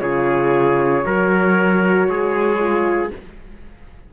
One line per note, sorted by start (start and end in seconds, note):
0.00 1.05 C#3
0.00 1.03 F4
0.00 1.06 G#4
0.00 3.10 C#5
1.03 2.08 F#3
1.03 2.59 F#4
1.03 2.10 A#4
2.08 3.12 G#3
2.08 3.13 G#4
2.60 3.12 F4